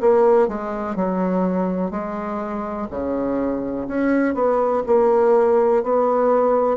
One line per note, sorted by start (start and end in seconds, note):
0.00 0.48 A#3
0.48 0.95 G#3
0.95 1.90 F#3
1.90 2.87 G#3
2.90 3.87 C#3
3.87 4.34 C#4
4.34 4.83 B3
4.86 5.83 A#3
5.83 6.77 B3